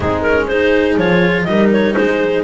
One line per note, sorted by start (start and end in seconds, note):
0.00 0.96 G#3
0.00 0.25 C4
0.00 0.47 D#4
0.00 0.22 G#4
0.22 0.46 A#4
0.28 0.51 C#4
0.47 1.00 D#4
0.47 1.47 G#4
0.47 0.96 C5
0.96 1.45 F3
0.96 1.47 F4
0.96 1.44 C#5
1.44 1.95 G3
1.44 2.43 D#4
1.44 1.96 A#4
1.44 1.68 D#5
1.72 1.95 C#5
1.95 2.43 G#3
1.95 2.43 G#4
1.95 2.43 C5